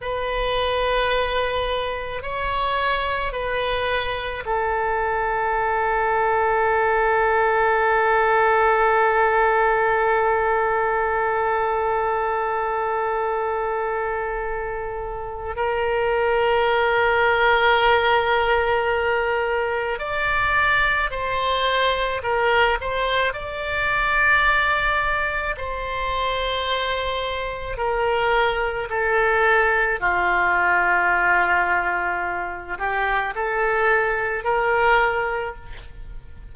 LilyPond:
\new Staff \with { instrumentName = "oboe" } { \time 4/4 \tempo 4 = 54 b'2 cis''4 b'4 | a'1~ | a'1~ | a'2 ais'2~ |
ais'2 d''4 c''4 | ais'8 c''8 d''2 c''4~ | c''4 ais'4 a'4 f'4~ | f'4. g'8 a'4 ais'4 | }